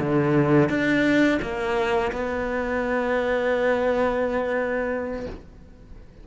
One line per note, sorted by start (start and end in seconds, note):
0.00 0.70 D3
0.70 1.40 D4
1.42 2.12 A#3
2.13 5.27 B3